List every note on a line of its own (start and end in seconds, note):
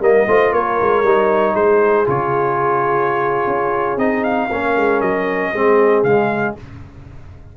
0.00 0.26 G3
0.00 0.28 A#3
0.00 0.26 A#4
0.00 0.54 D#5
0.27 0.53 A3
0.27 1.05 F4
0.27 0.52 C5
0.52 0.78 A#3
0.52 1.54 A#4
0.52 1.55 C#5
0.81 1.03 G#3
1.03 1.54 G3
1.03 2.06 D#4
1.54 2.06 G#3
1.54 4.49 G#4
1.54 2.07 C5
2.06 3.47 C#3
2.06 3.99 F4
2.06 3.98 C#5
3.47 3.97 C#4
3.97 4.48 C4
3.97 4.50 D#4
3.97 4.24 D#5
4.24 5.01 F5
4.51 4.76 A#3
4.51 5.55 C#4
4.51 5.52 A#4
4.76 5.01 G#3
5.01 5.52 F#3
5.01 6.04 D#5
5.52 6.03 G#3
5.52 6.06 C4
5.52 6.54 G#4
6.03 6.55 C#3
6.03 6.57 G#3
6.03 6.55 F5